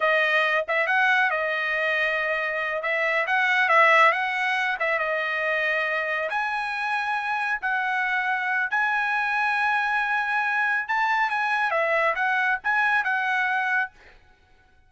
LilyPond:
\new Staff \with { instrumentName = "trumpet" } { \time 4/4 \tempo 4 = 138 dis''4. e''8 fis''4 dis''4~ | dis''2~ dis''8 e''4 fis''8~ | fis''8 e''4 fis''4. e''8 dis''8~ | dis''2~ dis''8 gis''4.~ |
gis''4. fis''2~ fis''8 | gis''1~ | gis''4 a''4 gis''4 e''4 | fis''4 gis''4 fis''2 | }